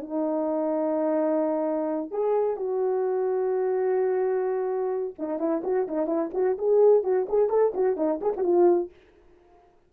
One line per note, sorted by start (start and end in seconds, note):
0.00 2.11 D#4
2.11 2.56 G#4
2.56 5.14 F#4
5.18 5.39 D#4
5.39 5.62 E4
5.64 5.87 F#4
5.88 6.06 D#4
6.06 6.30 E4
6.34 6.57 F#4
6.58 7.03 G#4
7.03 7.27 F#4
7.29 7.49 G#4
7.49 7.73 A4
7.74 7.96 F#4
7.96 8.20 D#4
8.21 8.33 G#4
8.36 8.43 F#4
8.43 8.90 F4